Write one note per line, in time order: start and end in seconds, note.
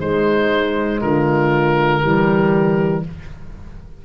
0.00 1.02 G#3
0.00 2.03 G#3
0.00 1.01 D#4
0.00 1.01 C5
1.01 2.03 D3
1.01 2.01 F4
1.01 3.04 A#4
2.01 3.05 E3
2.01 3.05 G3
2.01 3.03 G4